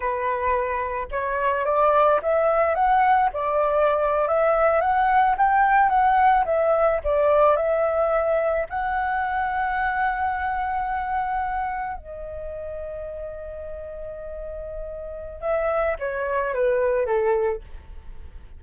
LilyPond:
\new Staff \with { instrumentName = "flute" } { \time 4/4 \tempo 4 = 109 b'2 cis''4 d''4 | e''4 fis''4 d''4.~ d''16 e''16~ | e''8. fis''4 g''4 fis''4 e''16~ | e''8. d''4 e''2 fis''16~ |
fis''1~ | fis''4.~ fis''16 dis''2~ dis''16~ | dis''1 | e''4 cis''4 b'4 a'4 | }